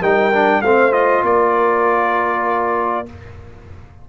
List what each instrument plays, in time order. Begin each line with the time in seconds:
0.00 tuba G3, trombone D#4, horn A#4, trumpet G5
0.33 trombone D4
0.61 tuba A3, trombone C4, horn C5, trumpet F5
0.91 trombone F4, trumpet D#5
1.23 tuba A#3, horn A#4, trumpet D5